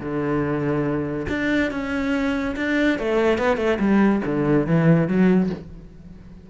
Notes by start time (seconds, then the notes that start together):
0.00 D3
1.29 D4
1.71 C#4
2.56 D4
2.99 A3
3.38 B3
3.57 A3
3.80 G3
4.26 D3
4.67 E3
5.08 F#3